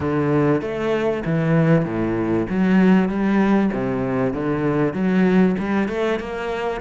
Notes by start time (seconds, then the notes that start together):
0.00 D3
0.61 A3
1.25 E3
1.85 A2
2.49 F#3
3.08 G3
3.73 C3
4.33 D3
4.93 F#3
5.58 G3
5.88 A3
6.19 A#3